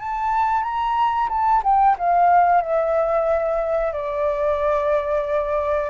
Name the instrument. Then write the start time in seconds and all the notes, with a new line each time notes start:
flute
0.00 A5
0.63 A#5
1.29 A5
1.63 G5
1.98 F5
2.62 E5
3.93 D5